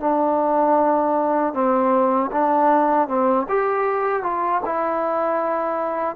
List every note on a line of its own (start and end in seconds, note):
0.00 1.53 D4
1.53 2.30 C4
2.31 3.08 D4
3.08 3.47 C4
3.49 4.23 G4
4.23 4.61 F4
4.65 6.15 E4